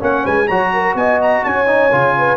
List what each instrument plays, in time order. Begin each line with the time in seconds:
0.00 tuba A#3, trombone C#4, horn C#5, trumpet F#5
0.24 tuba G#3, horn B4, trumpet G#5
0.48 tuba F#3, trombone F#4, horn C#5, trumpet A#5
0.74 horn A#4
0.95 tuba B3, horn D#5, trumpet G#5
1.22 trumpet A#5
1.45 tuba C#4, horn C#5, trumpet G#5
1.67 trombone D#4
1.92 tuba C#3, trombone F4
2.19 horn B4